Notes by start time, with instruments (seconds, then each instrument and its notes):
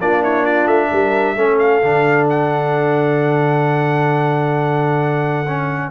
0.00 tuba A#3, trombone D4, horn F4, trumpet D5
0.22 horn E4, trumpet C#5
0.43 horn F4, trumpet D5
0.66 tuba A3, trumpet E5
0.92 tuba G3, horn A#4
1.35 tuba A3, trombone C#4, horn A4
1.58 trumpet F5
1.82 tuba D3, trombone D4
2.29 trumpet F#5
5.47 trombone C#4